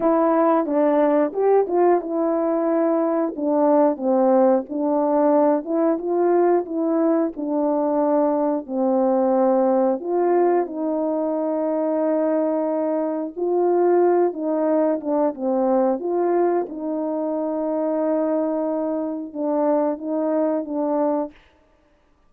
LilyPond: \new Staff \with { instrumentName = "horn" } { \time 4/4 \tempo 4 = 90 e'4 d'4 g'8 f'8 e'4~ | e'4 d'4 c'4 d'4~ | d'8 e'8 f'4 e'4 d'4~ | d'4 c'2 f'4 |
dis'1 | f'4. dis'4 d'8 c'4 | f'4 dis'2.~ | dis'4 d'4 dis'4 d'4 | }